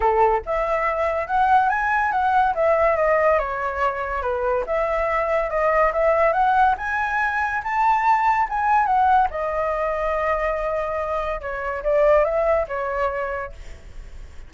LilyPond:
\new Staff \with { instrumentName = "flute" } { \time 4/4 \tempo 4 = 142 a'4 e''2 fis''4 | gis''4 fis''4 e''4 dis''4 | cis''2 b'4 e''4~ | e''4 dis''4 e''4 fis''4 |
gis''2 a''2 | gis''4 fis''4 dis''2~ | dis''2. cis''4 | d''4 e''4 cis''2 | }